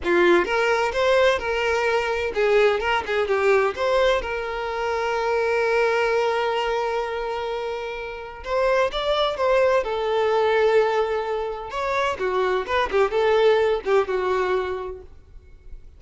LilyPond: \new Staff \with { instrumentName = "violin" } { \time 4/4 \tempo 4 = 128 f'4 ais'4 c''4 ais'4~ | ais'4 gis'4 ais'8 gis'8 g'4 | c''4 ais'2.~ | ais'1~ |
ais'2 c''4 d''4 | c''4 a'2.~ | a'4 cis''4 fis'4 b'8 g'8 | a'4. g'8 fis'2 | }